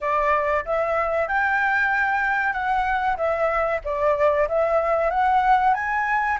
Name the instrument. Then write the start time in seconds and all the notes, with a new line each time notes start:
flute
0.00 D5
0.65 E5
1.28 G5
2.52 F#5
3.16 E5
3.84 D5
4.48 E5
5.10 F#5
5.74 G#5